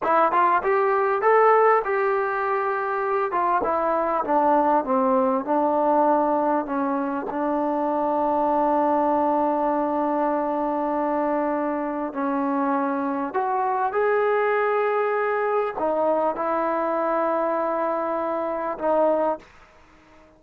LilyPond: \new Staff \with { instrumentName = "trombone" } { \time 4/4 \tempo 4 = 99 e'8 f'8 g'4 a'4 g'4~ | g'4. f'8 e'4 d'4 | c'4 d'2 cis'4 | d'1~ |
d'1 | cis'2 fis'4 gis'4~ | gis'2 dis'4 e'4~ | e'2. dis'4 | }